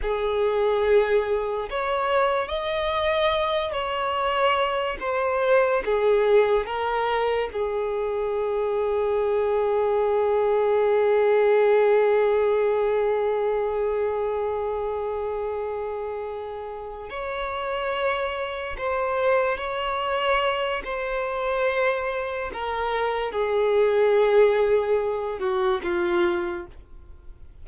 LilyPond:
\new Staff \with { instrumentName = "violin" } { \time 4/4 \tempo 4 = 72 gis'2 cis''4 dis''4~ | dis''8 cis''4. c''4 gis'4 | ais'4 gis'2.~ | gis'1~ |
gis'1~ | gis'8 cis''2 c''4 cis''8~ | cis''4 c''2 ais'4 | gis'2~ gis'8 fis'8 f'4 | }